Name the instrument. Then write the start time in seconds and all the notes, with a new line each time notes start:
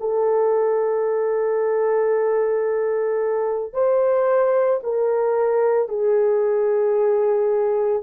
horn
0.00 A4
3.74 C5
4.84 A#4
5.89 G#4